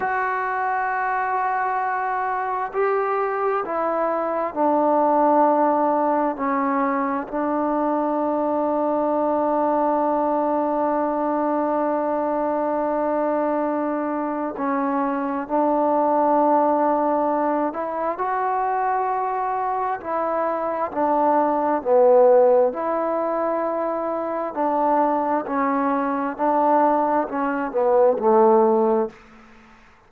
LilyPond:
\new Staff \with { instrumentName = "trombone" } { \time 4/4 \tempo 4 = 66 fis'2. g'4 | e'4 d'2 cis'4 | d'1~ | d'1 |
cis'4 d'2~ d'8 e'8 | fis'2 e'4 d'4 | b4 e'2 d'4 | cis'4 d'4 cis'8 b8 a4 | }